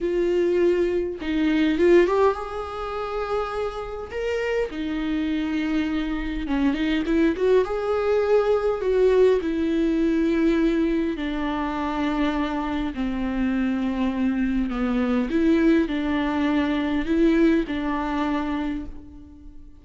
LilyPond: \new Staff \with { instrumentName = "viola" } { \time 4/4 \tempo 4 = 102 f'2 dis'4 f'8 g'8 | gis'2. ais'4 | dis'2. cis'8 dis'8 | e'8 fis'8 gis'2 fis'4 |
e'2. d'4~ | d'2 c'2~ | c'4 b4 e'4 d'4~ | d'4 e'4 d'2 | }